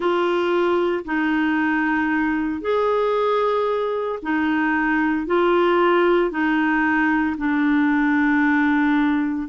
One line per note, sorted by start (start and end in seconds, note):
0.00 1.04 F4
1.04 2.61 D#4
2.61 4.19 G#4
4.22 5.26 D#4
5.26 6.30 F4
6.30 7.35 D#4
7.37 9.48 D4